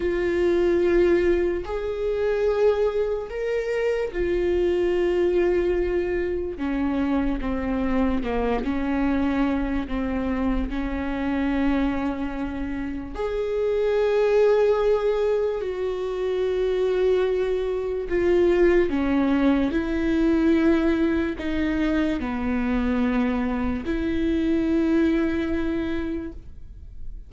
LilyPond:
\new Staff \with { instrumentName = "viola" } { \time 4/4 \tempo 4 = 73 f'2 gis'2 | ais'4 f'2. | cis'4 c'4 ais8 cis'4. | c'4 cis'2. |
gis'2. fis'4~ | fis'2 f'4 cis'4 | e'2 dis'4 b4~ | b4 e'2. | }